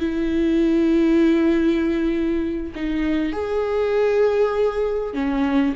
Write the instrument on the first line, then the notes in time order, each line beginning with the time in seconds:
viola
0.00 E4
2.75 D#4
3.33 G#4
5.14 C#4